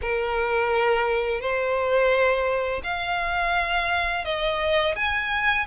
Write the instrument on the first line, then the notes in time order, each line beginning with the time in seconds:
violin
0.01 A#4
1.41 C5
2.83 F5
4.24 D#5
4.95 G#5